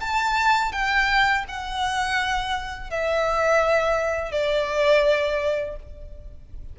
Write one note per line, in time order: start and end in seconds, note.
0.00 0.72 A5
0.72 1.44 G5
1.48 2.90 F#5
2.90 4.31 E5
4.31 5.76 D5